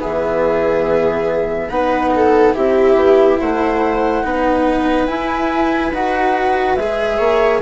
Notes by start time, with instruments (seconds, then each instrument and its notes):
0.00 bassoon E3, cello B3, viola G#4, flute E5
1.70 bassoon B3, cello D#4, viola B4, flute F#5
2.15 viola A4
2.54 bassoon C4, cello E4, viola G4, flute E5
2.95 bassoon B3
3.40 bassoon A3, viola C5, flute F#5
4.23 bassoon B3, cello D#4, viola B4
5.07 cello E4, bassoon E4, flute G#5
5.92 bassoon D#4, cello F#4, flute F#5
6.76 bassoon G#3, cello G#4, flute E5
7.18 bassoon A#3, viola C#5